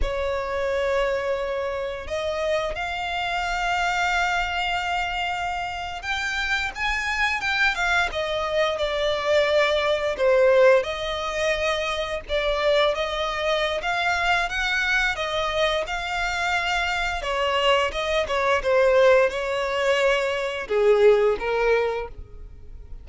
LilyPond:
\new Staff \with { instrumentName = "violin" } { \time 4/4 \tempo 4 = 87 cis''2. dis''4 | f''1~ | f''8. g''4 gis''4 g''8 f''8 dis''16~ | dis''8. d''2 c''4 dis''16~ |
dis''4.~ dis''16 d''4 dis''4~ dis''16 | f''4 fis''4 dis''4 f''4~ | f''4 cis''4 dis''8 cis''8 c''4 | cis''2 gis'4 ais'4 | }